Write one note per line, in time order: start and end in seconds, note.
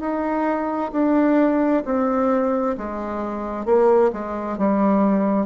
0.00 0.91 D#4
0.92 1.83 D4
1.85 2.76 C4
2.77 3.65 G#3
3.65 4.11 A#3
4.12 4.58 G#3
4.58 5.46 G3